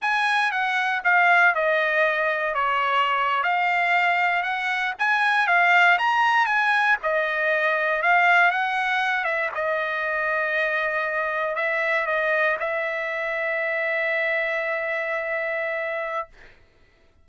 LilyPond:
\new Staff \with { instrumentName = "trumpet" } { \time 4/4 \tempo 4 = 118 gis''4 fis''4 f''4 dis''4~ | dis''4 cis''4.~ cis''16 f''4~ f''16~ | f''8. fis''4 gis''4 f''4 ais''16~ | ais''8. gis''4 dis''2 f''16~ |
f''8. fis''4. e''8 dis''4~ dis''16~ | dis''2~ dis''8. e''4 dis''16~ | dis''8. e''2.~ e''16~ | e''1 | }